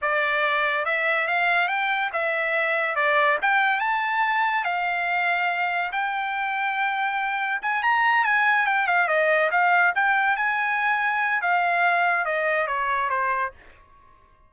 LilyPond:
\new Staff \with { instrumentName = "trumpet" } { \time 4/4 \tempo 4 = 142 d''2 e''4 f''4 | g''4 e''2 d''4 | g''4 a''2 f''4~ | f''2 g''2~ |
g''2 gis''8 ais''4 gis''8~ | gis''8 g''8 f''8 dis''4 f''4 g''8~ | g''8 gis''2~ gis''8 f''4~ | f''4 dis''4 cis''4 c''4 | }